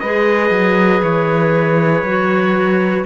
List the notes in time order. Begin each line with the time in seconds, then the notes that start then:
0.00 G#3 G#4 B4 D#5
0.51 F#3
1.03 E3 C#5
2.03 F#3 F#4